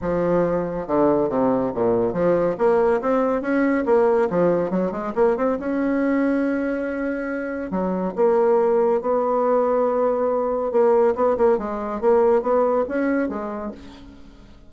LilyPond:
\new Staff \with { instrumentName = "bassoon" } { \time 4/4 \tempo 4 = 140 f2 d4 c4 | ais,4 f4 ais4 c'4 | cis'4 ais4 f4 fis8 gis8 | ais8 c'8 cis'2.~ |
cis'2 fis4 ais4~ | ais4 b2.~ | b4 ais4 b8 ais8 gis4 | ais4 b4 cis'4 gis4 | }